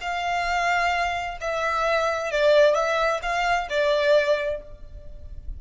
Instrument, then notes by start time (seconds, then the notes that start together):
violin
0.00 F5
1.41 E5
2.31 D5
2.74 E5
3.22 F5
3.70 D5